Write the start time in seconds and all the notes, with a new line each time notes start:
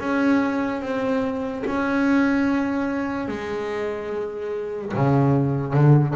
0.00 C#4
0.82 C4
1.67 C#4
3.28 G#3
4.95 C#3
5.74 D3